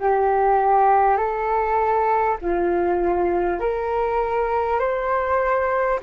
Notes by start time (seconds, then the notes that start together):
0.00 G4
1.17 A4
2.42 F4
3.59 A#4
4.79 C5